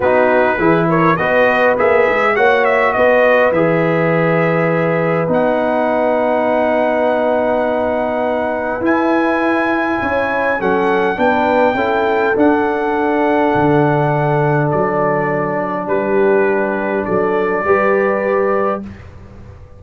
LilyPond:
<<
  \new Staff \with { instrumentName = "trumpet" } { \time 4/4 \tempo 4 = 102 b'4. cis''8 dis''4 e''4 | fis''8 e''8 dis''4 e''2~ | e''4 fis''2.~ | fis''2. gis''4~ |
gis''2 fis''4 g''4~ | g''4 fis''2.~ | fis''4 d''2 b'4~ | b'4 d''2. | }
  \new Staff \with { instrumentName = "horn" } { \time 4/4 fis'4 gis'8 ais'8 b'2 | cis''4 b'2.~ | b'1~ | b'1~ |
b'4 cis''4 a'4 b'4 | a'1~ | a'2. g'4~ | g'4 a'4 b'2 | }
  \new Staff \with { instrumentName = "trombone" } { \time 4/4 dis'4 e'4 fis'4 gis'4 | fis'2 gis'2~ | gis'4 dis'2.~ | dis'2. e'4~ |
e'2 cis'4 d'4 | e'4 d'2.~ | d'1~ | d'2 g'2 | }
  \new Staff \with { instrumentName = "tuba" } { \time 4/4 b4 e4 b4 ais8 gis8 | ais4 b4 e2~ | e4 b2.~ | b2. e'4~ |
e'4 cis'4 fis4 b4 | cis'4 d'2 d4~ | d4 fis2 g4~ | g4 fis4 g2 | }
>>